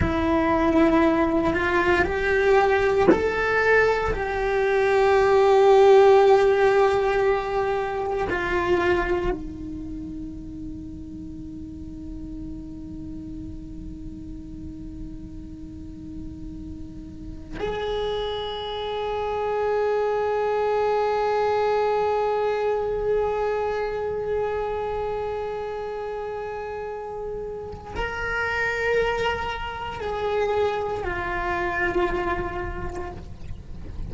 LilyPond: \new Staff \with { instrumentName = "cello" } { \time 4/4 \tempo 4 = 58 e'4. f'8 g'4 a'4 | g'1 | f'4 dis'2.~ | dis'1~ |
dis'4 gis'2.~ | gis'1~ | gis'2. ais'4~ | ais'4 gis'4 f'2 | }